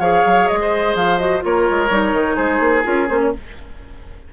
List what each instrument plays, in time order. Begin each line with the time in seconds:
0.00 bassoon F3, clarinet G#4, oboe C#5, flute F5
0.26 bassoon F#3
0.48 bassoon G#3, flute D#5
0.62 oboe C5
0.95 bassoon F3, flute F5
1.19 clarinet F#4, flute D#5
1.40 bassoon A#3, clarinet F4, oboe A#4, flute C#5
1.70 bassoon G#3
1.91 bassoon G3, clarinet D#4
2.13 bassoon D#3
2.36 bassoon G#3, oboe G#4, flute C5
2.60 bassoon A#3
2.84 bassoon C#4, clarinet F4, flute A#4
3.09 bassoon A#3, clarinet C#4, flute C5
3.21 flute C#5